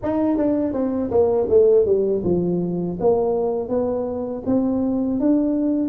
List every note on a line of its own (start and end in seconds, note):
0.02 0.37 D#4
0.37 0.73 D4
0.73 1.10 C4
1.10 1.47 A#3
1.48 1.85 A3
1.85 2.22 G3
2.24 2.98 F3
3.00 3.68 A#3
3.68 4.42 B3
4.46 5.20 C4
5.20 5.89 D4